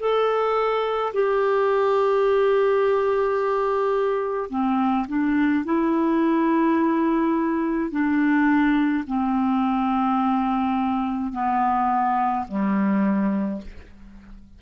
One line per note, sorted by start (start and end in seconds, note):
0.00 1.13 A4
1.14 4.50 G4
4.50 5.07 C4
5.08 5.65 D4
5.65 7.91 E4
7.91 9.05 D4
9.08 11.33 C4
11.33 12.46 B3
12.48 13.62 G3